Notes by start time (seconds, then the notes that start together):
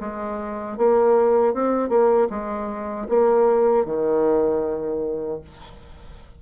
0.00 G#3
0.78 A#3
1.54 C4
1.89 A#3
2.30 G#3
3.09 A#3
3.85 D#3